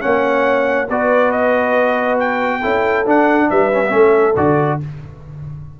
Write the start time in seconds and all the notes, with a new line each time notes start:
0.00 A#3 C#4 C#5 F#5
0.89 B3 F#4 B4 D5
1.31 D#5
2.19 G5
2.60 C#4 E4 A4
3.06 D4 F#5
3.49 G3 B4 E5
3.72 C#4
3.84 B3 C#4
3.92 A3 A4
4.36 D3 F#4 D5